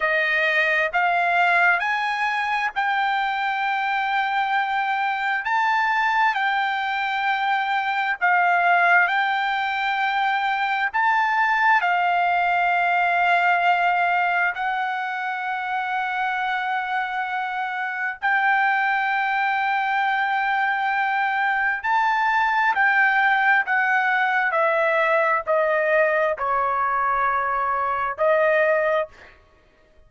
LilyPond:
\new Staff \with { instrumentName = "trumpet" } { \time 4/4 \tempo 4 = 66 dis''4 f''4 gis''4 g''4~ | g''2 a''4 g''4~ | g''4 f''4 g''2 | a''4 f''2. |
fis''1 | g''1 | a''4 g''4 fis''4 e''4 | dis''4 cis''2 dis''4 | }